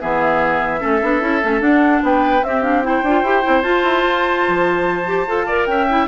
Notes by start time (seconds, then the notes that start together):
0.00 E3 B3 G#4 E5
0.79 A3 C#4 A4
1.02 B3 D4
1.21 C#4 E4
1.41 A3 C#4
1.60 D4 F#5
2.03 B3 B4 G5
2.42 C4 G4 E5
2.62 D4 F5
2.83 E4 C5 G5
3.03 D4 F4
3.23 E4 G4
3.43 C4 E4
3.62 F4 A5
3.83 E4
4.03 F4
4.48 F3
5.06 G4
5.26 F4 A4
5.46 A#4 D5
5.65 C#4 E5 G5
5.89 E4